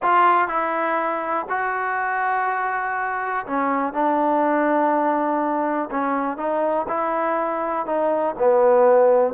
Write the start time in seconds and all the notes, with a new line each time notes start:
0.02 F4
0.48 E4
1.49 F#4
3.46 C#4
3.93 D4
5.90 C#4
6.37 D#4
6.87 E4
7.86 D#4
8.38 B3